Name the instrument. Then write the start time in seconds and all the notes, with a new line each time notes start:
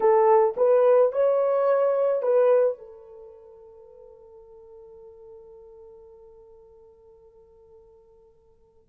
horn
0.00 A4
0.56 B4
1.12 C#5
2.22 B4
2.78 A4